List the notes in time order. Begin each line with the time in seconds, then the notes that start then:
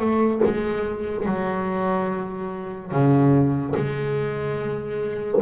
0.00 A3
0.45 G#3
1.26 F#3
2.92 C#3
3.77 G#3